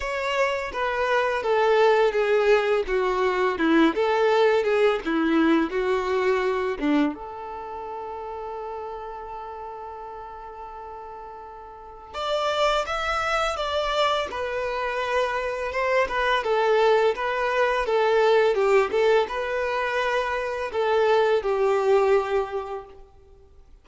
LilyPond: \new Staff \with { instrumentName = "violin" } { \time 4/4 \tempo 4 = 84 cis''4 b'4 a'4 gis'4 | fis'4 e'8 a'4 gis'8 e'4 | fis'4. d'8 a'2~ | a'1~ |
a'4 d''4 e''4 d''4 | b'2 c''8 b'8 a'4 | b'4 a'4 g'8 a'8 b'4~ | b'4 a'4 g'2 | }